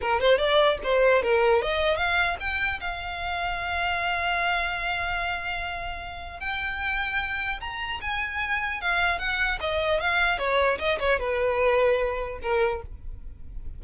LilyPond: \new Staff \with { instrumentName = "violin" } { \time 4/4 \tempo 4 = 150 ais'8 c''8 d''4 c''4 ais'4 | dis''4 f''4 g''4 f''4~ | f''1~ | f''1 |
g''2. ais''4 | gis''2 f''4 fis''4 | dis''4 f''4 cis''4 dis''8 cis''8 | b'2. ais'4 | }